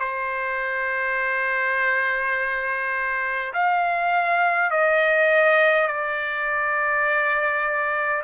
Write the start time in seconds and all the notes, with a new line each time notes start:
0.00 C5
3.53 F5
4.71 D#5
5.87 D5